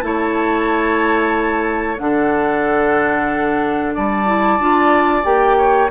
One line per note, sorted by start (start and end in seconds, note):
0.00 1.98 A3
0.00 1.96 E4
0.00 2.01 C#5
0.00 1.96 A5
1.97 3.95 D3
1.97 4.25 D4
1.97 3.94 A4
1.97 3.93 F#5
3.94 4.59 G3
3.94 5.57 D5
3.94 5.24 A5
4.25 4.58 E4
4.59 5.24 D4
4.59 5.23 F4
5.23 5.90 A#3
5.23 5.88 G4
5.23 5.89 G5
5.57 5.90 C#5